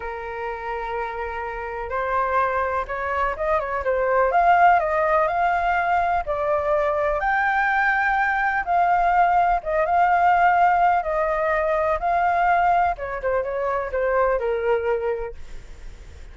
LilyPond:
\new Staff \with { instrumentName = "flute" } { \time 4/4 \tempo 4 = 125 ais'1 | c''2 cis''4 dis''8 cis''8 | c''4 f''4 dis''4 f''4~ | f''4 d''2 g''4~ |
g''2 f''2 | dis''8 f''2~ f''8 dis''4~ | dis''4 f''2 cis''8 c''8 | cis''4 c''4 ais'2 | }